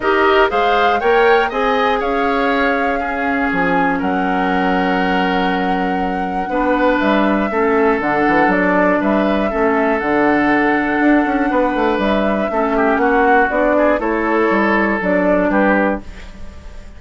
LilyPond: <<
  \new Staff \with { instrumentName = "flute" } { \time 4/4 \tempo 4 = 120 dis''4 f''4 g''4 gis''4 | f''2. gis''4 | fis''1~ | fis''2 e''2 |
fis''4 d''4 e''2 | fis''1 | e''2 fis''4 d''4 | cis''2 d''4 b'4 | }
  \new Staff \with { instrumentName = "oboe" } { \time 4/4 ais'4 c''4 cis''4 dis''4 | cis''2 gis'2 | ais'1~ | ais'4 b'2 a'4~ |
a'2 b'4 a'4~ | a'2. b'4~ | b'4 a'8 g'8 fis'4. gis'8 | a'2. g'4 | }
  \new Staff \with { instrumentName = "clarinet" } { \time 4/4 g'4 gis'4 ais'4 gis'4~ | gis'2 cis'2~ | cis'1~ | cis'4 d'2 cis'4 |
d'2. cis'4 | d'1~ | d'4 cis'2 d'4 | e'2 d'2 | }
  \new Staff \with { instrumentName = "bassoon" } { \time 4/4 dis'4 gis4 ais4 c'4 | cis'2. f4 | fis1~ | fis4 b4 g4 a4 |
d8 e8 fis4 g4 a4 | d2 d'8 cis'8 b8 a8 | g4 a4 ais4 b4 | a4 g4 fis4 g4 | }
>>